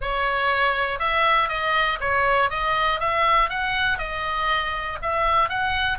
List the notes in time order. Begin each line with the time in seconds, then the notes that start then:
0.01 C#5
0.99 E5
1.48 D#5
2.00 C#5
2.50 D#5
3.00 E5
3.49 F#5
3.98 D#5
5.02 E5
5.49 F#5